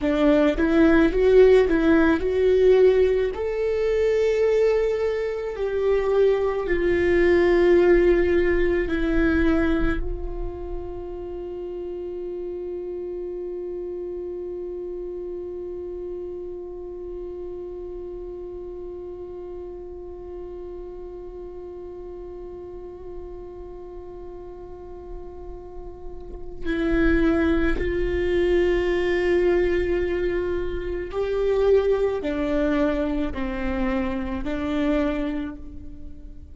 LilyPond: \new Staff \with { instrumentName = "viola" } { \time 4/4 \tempo 4 = 54 d'8 e'8 fis'8 e'8 fis'4 a'4~ | a'4 g'4 f'2 | e'4 f'2.~ | f'1~ |
f'1~ | f'1 | e'4 f'2. | g'4 d'4 c'4 d'4 | }